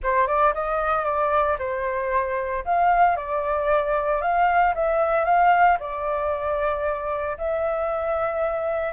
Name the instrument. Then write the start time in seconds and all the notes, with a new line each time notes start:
flute
0.03 C5
0.27 D5
0.54 D#5
1.04 D5
1.59 C5
2.65 F5
3.16 D5
4.21 F5
4.75 E5
5.25 F5
5.79 D5
7.37 E5